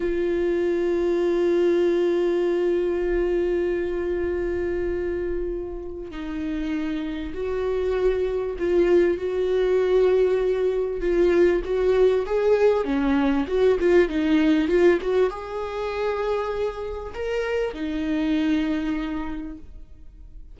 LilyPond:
\new Staff \with { instrumentName = "viola" } { \time 4/4 \tempo 4 = 98 f'1~ | f'1~ | f'2 dis'2 | fis'2 f'4 fis'4~ |
fis'2 f'4 fis'4 | gis'4 cis'4 fis'8 f'8 dis'4 | f'8 fis'8 gis'2. | ais'4 dis'2. | }